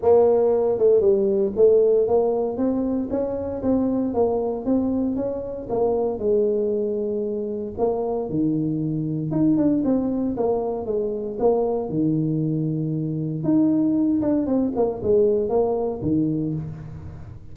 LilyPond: \new Staff \with { instrumentName = "tuba" } { \time 4/4 \tempo 4 = 116 ais4. a8 g4 a4 | ais4 c'4 cis'4 c'4 | ais4 c'4 cis'4 ais4 | gis2. ais4 |
dis2 dis'8 d'8 c'4 | ais4 gis4 ais4 dis4~ | dis2 dis'4. d'8 | c'8 ais8 gis4 ais4 dis4 | }